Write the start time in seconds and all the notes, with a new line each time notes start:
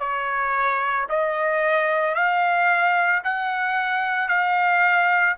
0.00 C#5
1.10 D#5
2.15 F5
3.24 F#5
4.29 F5